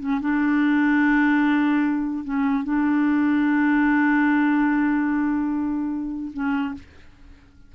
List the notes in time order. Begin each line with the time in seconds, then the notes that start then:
0.00 C#4
0.21 D4
2.25 C#4
2.64 D4
6.34 C#4